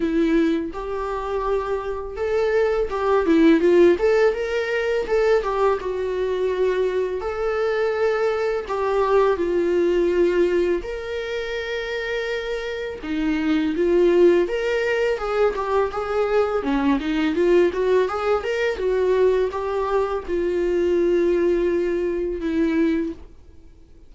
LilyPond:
\new Staff \with { instrumentName = "viola" } { \time 4/4 \tempo 4 = 83 e'4 g'2 a'4 | g'8 e'8 f'8 a'8 ais'4 a'8 g'8 | fis'2 a'2 | g'4 f'2 ais'4~ |
ais'2 dis'4 f'4 | ais'4 gis'8 g'8 gis'4 cis'8 dis'8 | f'8 fis'8 gis'8 ais'8 fis'4 g'4 | f'2. e'4 | }